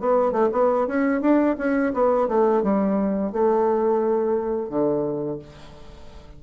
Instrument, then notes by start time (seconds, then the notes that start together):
bassoon
0.00 B3
0.32 A3
0.52 B3
0.87 C#4
1.21 D4
1.58 C#4
1.93 B3
2.28 A3
2.63 G3
3.32 A3
4.69 D3